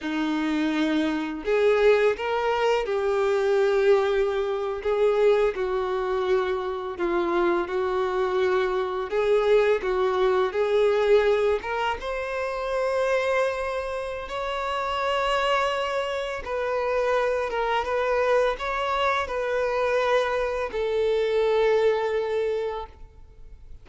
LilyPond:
\new Staff \with { instrumentName = "violin" } { \time 4/4 \tempo 4 = 84 dis'2 gis'4 ais'4 | g'2~ g'8. gis'4 fis'16~ | fis'4.~ fis'16 f'4 fis'4~ fis'16~ | fis'8. gis'4 fis'4 gis'4~ gis'16~ |
gis'16 ais'8 c''2.~ c''16 | cis''2. b'4~ | b'8 ais'8 b'4 cis''4 b'4~ | b'4 a'2. | }